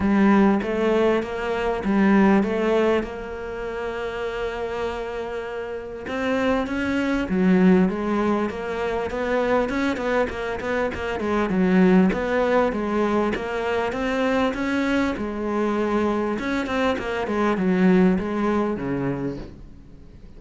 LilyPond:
\new Staff \with { instrumentName = "cello" } { \time 4/4 \tempo 4 = 99 g4 a4 ais4 g4 | a4 ais2.~ | ais2 c'4 cis'4 | fis4 gis4 ais4 b4 |
cis'8 b8 ais8 b8 ais8 gis8 fis4 | b4 gis4 ais4 c'4 | cis'4 gis2 cis'8 c'8 | ais8 gis8 fis4 gis4 cis4 | }